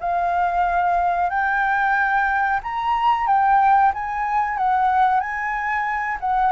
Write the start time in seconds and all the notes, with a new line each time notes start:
0.00 F5
1.30 G5
2.63 A#5
3.27 G5
3.94 G#5
4.57 F#5
5.20 G#5
6.20 F#5